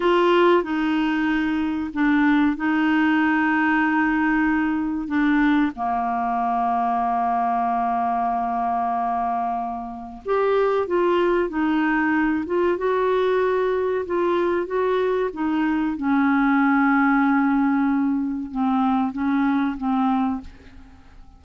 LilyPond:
\new Staff \with { instrumentName = "clarinet" } { \time 4/4 \tempo 4 = 94 f'4 dis'2 d'4 | dis'1 | d'4 ais2.~ | ais1 |
g'4 f'4 dis'4. f'8 | fis'2 f'4 fis'4 | dis'4 cis'2.~ | cis'4 c'4 cis'4 c'4 | }